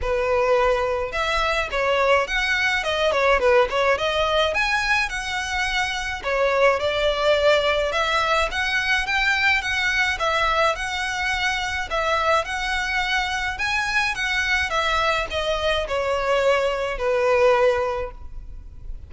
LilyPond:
\new Staff \with { instrumentName = "violin" } { \time 4/4 \tempo 4 = 106 b'2 e''4 cis''4 | fis''4 dis''8 cis''8 b'8 cis''8 dis''4 | gis''4 fis''2 cis''4 | d''2 e''4 fis''4 |
g''4 fis''4 e''4 fis''4~ | fis''4 e''4 fis''2 | gis''4 fis''4 e''4 dis''4 | cis''2 b'2 | }